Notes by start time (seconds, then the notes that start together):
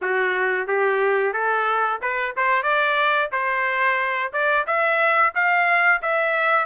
0.01 F#4
0.67 G4
1.33 A4
2.01 B4
2.36 C5
2.62 D5
3.32 C5
4.32 D5
4.66 E5
5.35 F5
6.02 E5